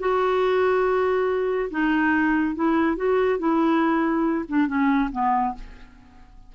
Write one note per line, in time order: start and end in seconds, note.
0.00 1.70 F#4
1.71 2.56 D#4
2.56 2.97 E4
2.97 3.39 F#4
3.39 4.46 E4
4.49 4.68 D4
4.68 5.10 C#4
5.13 5.55 B3